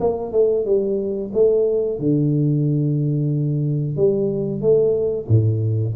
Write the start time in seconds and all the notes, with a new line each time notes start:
0.00 A#3
0.32 A3
0.65 G3
1.34 A3
1.99 D3
3.97 G3
4.62 A3
5.28 A2